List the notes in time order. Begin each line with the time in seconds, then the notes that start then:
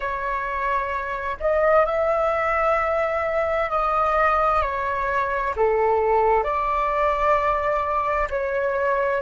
0.00 C#5
1.39 D#5
1.85 E5
3.70 D#5
4.62 C#5
5.56 A4
6.43 D5
8.30 C#5